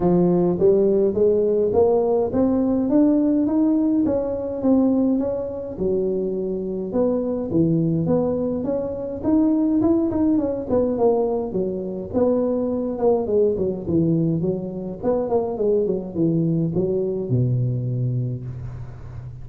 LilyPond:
\new Staff \with { instrumentName = "tuba" } { \time 4/4 \tempo 4 = 104 f4 g4 gis4 ais4 | c'4 d'4 dis'4 cis'4 | c'4 cis'4 fis2 | b4 e4 b4 cis'4 |
dis'4 e'8 dis'8 cis'8 b8 ais4 | fis4 b4. ais8 gis8 fis8 | e4 fis4 b8 ais8 gis8 fis8 | e4 fis4 b,2 | }